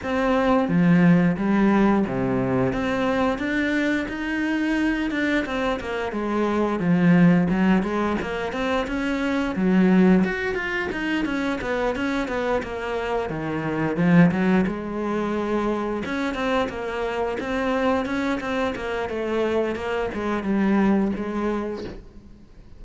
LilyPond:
\new Staff \with { instrumentName = "cello" } { \time 4/4 \tempo 4 = 88 c'4 f4 g4 c4 | c'4 d'4 dis'4. d'8 | c'8 ais8 gis4 f4 fis8 gis8 | ais8 c'8 cis'4 fis4 fis'8 f'8 |
dis'8 cis'8 b8 cis'8 b8 ais4 dis8~ | dis8 f8 fis8 gis2 cis'8 | c'8 ais4 c'4 cis'8 c'8 ais8 | a4 ais8 gis8 g4 gis4 | }